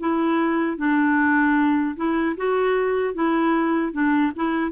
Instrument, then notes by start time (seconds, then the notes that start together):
clarinet
0.00 E4
0.78 D4
1.97 E4
2.38 F#4
3.15 E4
3.93 D4
4.36 E4